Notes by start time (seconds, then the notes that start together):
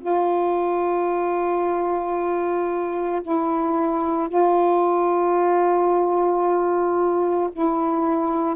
0.00 F4
3.22 E4
4.28 F4
7.52 E4